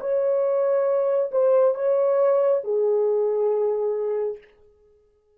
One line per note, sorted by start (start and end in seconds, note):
0.00 1.30 C#5
1.31 1.74 C5
1.74 2.61 C#5
2.63 4.37 G#4